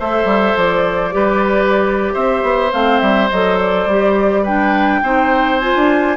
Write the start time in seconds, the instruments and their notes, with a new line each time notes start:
0.00 bassoon A3, clarinet A4, oboe C5, flute E5
0.25 bassoon G3
0.57 bassoon F3, flute D5
1.12 bassoon G3, clarinet G4, oboe B4
2.14 bassoon C4, oboe C5, flute E5
2.43 bassoon B3
2.72 bassoon A3, clarinet C4, flute F5
3.00 bassoon G3, flute E5
3.30 bassoon F#3, clarinet A4, flute D#5
3.60 flute D5
3.87 bassoon G3, clarinet G4
4.43 clarinet D4, oboe B4, flute G5
5.03 bassoon C4, clarinet D#4, oboe C5
5.60 clarinet F4, flute G#5
5.76 bassoon D4